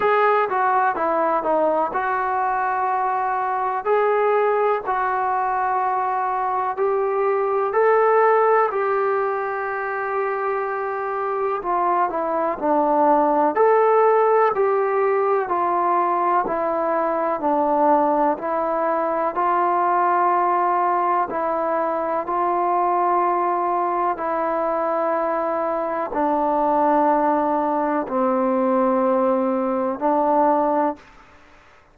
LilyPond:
\new Staff \with { instrumentName = "trombone" } { \time 4/4 \tempo 4 = 62 gis'8 fis'8 e'8 dis'8 fis'2 | gis'4 fis'2 g'4 | a'4 g'2. | f'8 e'8 d'4 a'4 g'4 |
f'4 e'4 d'4 e'4 | f'2 e'4 f'4~ | f'4 e'2 d'4~ | d'4 c'2 d'4 | }